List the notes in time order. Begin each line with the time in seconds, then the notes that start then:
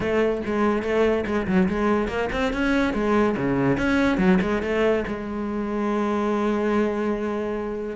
0.00 A3
0.45 G#3
0.82 A3
1.25 G#3
1.47 F#3
1.68 G#3
2.08 A#3
2.32 C4
2.53 C#4
2.93 G#3
3.36 C#3
3.77 C#4
4.17 F#3
4.41 G#3
4.62 A3
5.07 G#3